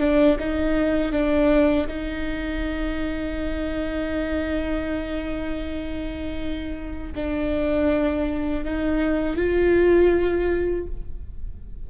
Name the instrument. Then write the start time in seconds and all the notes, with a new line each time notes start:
viola
0.00 D4
0.40 D#4
1.12 D4
1.88 D#4
7.16 D4
8.65 D#4
9.37 F4